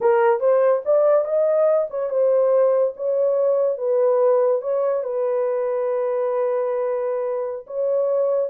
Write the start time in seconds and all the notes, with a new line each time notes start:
0.00 A#4
0.40 C5
0.85 D5
1.24 D#5
1.90 C#5
2.10 C5
2.96 C#5
3.77 B4
4.61 C#5
5.03 B4
7.66 C#5